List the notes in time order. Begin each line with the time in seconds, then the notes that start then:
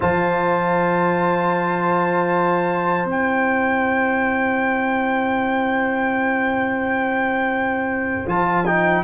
0.00 F3 F4 C5 A5
3.04 C4 E4 G5
8.26 F3 F4 A5
8.65 D#4 G5